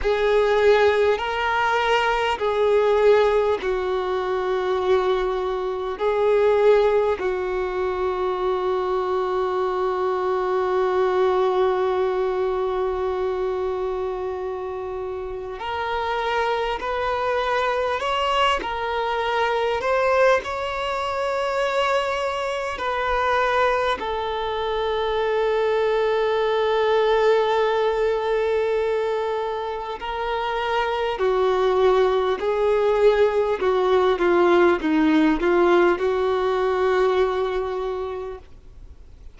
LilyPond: \new Staff \with { instrumentName = "violin" } { \time 4/4 \tempo 4 = 50 gis'4 ais'4 gis'4 fis'4~ | fis'4 gis'4 fis'2~ | fis'1~ | fis'4 ais'4 b'4 cis''8 ais'8~ |
ais'8 c''8 cis''2 b'4 | a'1~ | a'4 ais'4 fis'4 gis'4 | fis'8 f'8 dis'8 f'8 fis'2 | }